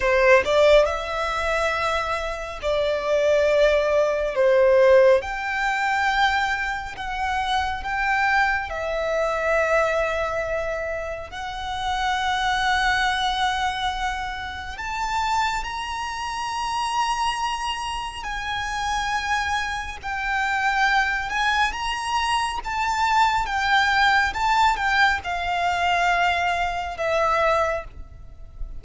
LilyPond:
\new Staff \with { instrumentName = "violin" } { \time 4/4 \tempo 4 = 69 c''8 d''8 e''2 d''4~ | d''4 c''4 g''2 | fis''4 g''4 e''2~ | e''4 fis''2.~ |
fis''4 a''4 ais''2~ | ais''4 gis''2 g''4~ | g''8 gis''8 ais''4 a''4 g''4 | a''8 g''8 f''2 e''4 | }